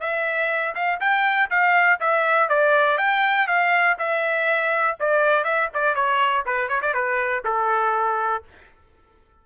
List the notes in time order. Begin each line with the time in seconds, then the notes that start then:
0.00 E5
0.75 F5
1.00 G5
1.50 F5
2.00 E5
2.49 D5
2.98 G5
3.47 F5
3.98 E5
5.00 D5
5.44 E5
5.74 D5
5.95 C#5
6.46 B4
6.69 C#5
6.82 D5
6.94 B4
7.45 A4